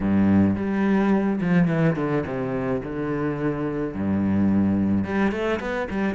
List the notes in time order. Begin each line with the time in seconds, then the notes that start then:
0.00 G2
0.56 G3
1.40 F3
1.67 E3
1.96 D3
2.26 C3
2.83 D3
3.94 G2
5.04 G3
5.31 A3
5.60 B3
5.90 G3